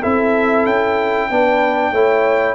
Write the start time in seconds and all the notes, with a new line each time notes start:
0.00 C4 E4 A4 E5
0.65 C#4 G5
1.29 B3 D4 B4
1.91 A3 E4 C#5